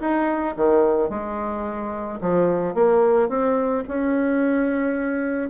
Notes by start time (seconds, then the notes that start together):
0.00 D#4
0.56 D#3
1.09 G#3
2.20 F3
2.74 A#3
3.29 C4
3.88 C#4